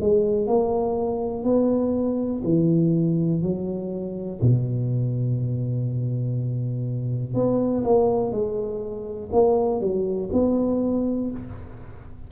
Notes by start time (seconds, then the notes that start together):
0.00 G#3
0.47 A#3
1.44 B3
2.44 E3
3.42 F#3
4.41 B2
7.34 B3
7.84 A#3
8.32 G#3
9.32 A#3
9.80 F#3
10.32 B3